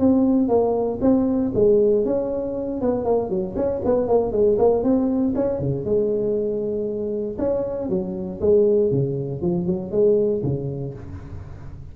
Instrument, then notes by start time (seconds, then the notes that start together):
tuba
0.00 C4
0.49 A#3
1.01 C4
1.55 G#3
2.06 C#4
2.82 B3
3.05 A#3
3.30 F#3
3.56 C#4
3.85 B3
4.08 A#3
4.33 G#3
4.59 A#3
4.84 C4
5.36 C#4
5.60 C#3
5.85 G#3
7.39 C#4
7.90 F#3
8.41 G#3
8.91 C#3
9.42 F3
9.67 F#3
9.92 G#3
10.44 C#3